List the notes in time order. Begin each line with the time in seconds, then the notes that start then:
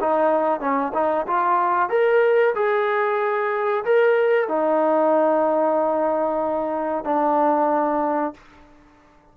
0.00 D#4
0.60 C#4
0.94 D#4
1.27 F4
1.89 A#4
2.55 G#4
3.84 A#4
4.48 D#4
7.05 D4